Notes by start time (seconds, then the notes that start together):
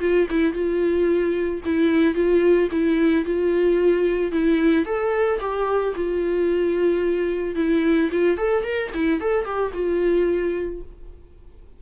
0.00 F4
0.30 E4
0.53 F4
1.65 E4
2.14 F4
2.71 E4
3.25 F4
4.32 E4
4.85 A4
5.40 G4
5.95 F4
7.55 E4
8.12 F4
8.37 A4
8.63 A#4
8.94 E4
9.20 A4
9.44 G4
9.73 F4